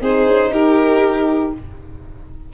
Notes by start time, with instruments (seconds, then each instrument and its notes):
0.00 tuba C4, horn D#4, violin G#4 C5
0.26 tuba C#4
0.51 tuba D#4, violin G4 A#4